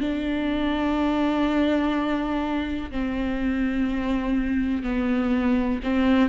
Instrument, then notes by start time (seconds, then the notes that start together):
viola
0.00 D4
2.91 C4
4.83 B3
5.83 C4